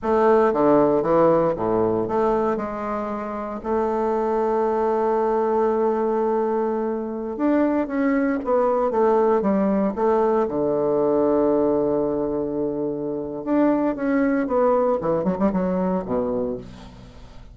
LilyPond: \new Staff \with { instrumentName = "bassoon" } { \time 4/4 \tempo 4 = 116 a4 d4 e4 a,4 | a4 gis2 a4~ | a1~ | a2~ a16 d'4 cis'8.~ |
cis'16 b4 a4 g4 a8.~ | a16 d2.~ d8.~ | d2 d'4 cis'4 | b4 e8 fis16 g16 fis4 b,4 | }